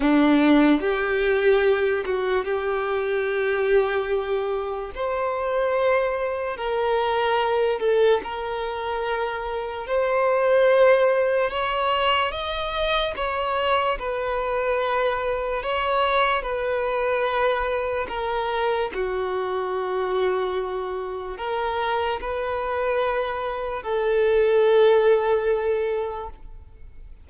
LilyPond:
\new Staff \with { instrumentName = "violin" } { \time 4/4 \tempo 4 = 73 d'4 g'4. fis'8 g'4~ | g'2 c''2 | ais'4. a'8 ais'2 | c''2 cis''4 dis''4 |
cis''4 b'2 cis''4 | b'2 ais'4 fis'4~ | fis'2 ais'4 b'4~ | b'4 a'2. | }